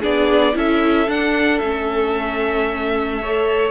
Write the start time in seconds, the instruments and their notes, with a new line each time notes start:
0.00 cello B3, viola D4, violin G#4 D5
0.53 cello C#4, viola E4, violin A4 E5
1.08 cello D4, viola D4, violin F#5
1.58 cello A3, viola C#4, violin E5
3.21 viola A4, violin C#5